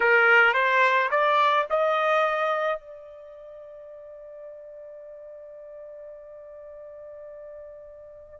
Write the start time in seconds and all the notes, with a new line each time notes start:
0.00 A#4
0.53 C5
1.10 D5
1.70 D#5
2.79 D5